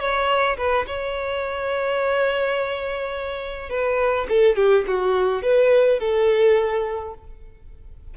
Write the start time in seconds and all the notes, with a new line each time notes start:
0.00 C#5
0.57 B4
0.87 C#5
3.70 B4
4.29 A4
4.56 G4
4.87 F#4
5.42 B4
6.00 A4